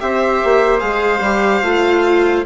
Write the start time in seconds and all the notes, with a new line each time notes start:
0.00 C4 G4 C5 E5
0.44 A#3
0.80 G#3 G#4 F5
1.20 G3 G4
1.62 A3 F4